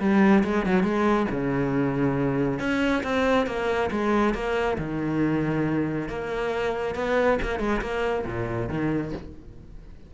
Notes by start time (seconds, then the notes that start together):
0.00 G3
0.44 G#3
0.66 F#3
0.83 G#3
1.31 C#3
2.60 C#4
3.03 C4
3.47 A#3
3.91 G#3
4.34 A#3
4.78 D#3
6.09 A#3
6.95 B3
7.42 A#3
7.59 G#3
7.81 A#3
8.26 A#2
8.69 D#3